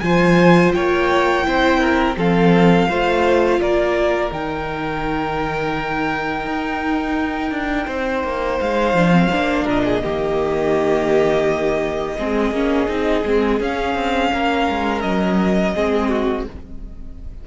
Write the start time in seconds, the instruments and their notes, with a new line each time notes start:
0.00 cello F3, viola F4, violin C5 G#5
0.73 cello A#3, violin C#5 G5
1.43 cello C4, viola E4, violin C5
1.80 violin A#4
2.16 cello F3, viola C4, violin A4 F5
2.88 cello A3, viola F4, violin C5
3.59 cello A#3, violin A#4 D5
4.30 cello D#3, viola D#4, violin G5
6.46 cello D#4
7.51 cello D4
7.86 cello C4, violin C5
8.24 cello A#3
8.60 cello G#3, violin F5
8.93 cello F3, viola D4
9.12 viola C4
9.31 cello A#3, viola D4
9.64 cello A#2, violin A#4 D#5
9.84 violin G#4
10.02 cello D#3, viola A#3, violin G4
12.18 cello G#3, viola C4, violin G#4
12.51 cello A#3, viola C#4
12.88 cello C4, viola D#4
13.24 cello G#3, viola C4
13.60 cello C#4, viola C#4, violin F5
13.95 cello C4
14.32 cello A#3, violin A#4
14.69 cello G#3
15.01 cello F#3, violin D#5
15.75 cello G#3, viola C4, violin G#4
16.09 violin F#4